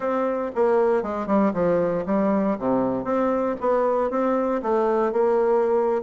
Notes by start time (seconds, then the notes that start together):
0.00 C4
0.55 A#3
1.03 G#3
1.26 G3
1.53 F3
2.06 G3
2.58 C3
3.04 C4
3.60 B3
4.10 C4
4.62 A3
5.12 A#3